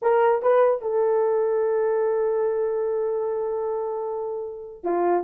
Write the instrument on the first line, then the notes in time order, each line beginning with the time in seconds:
horn
0.02 A#4
0.42 B4
0.81 A4
4.83 F4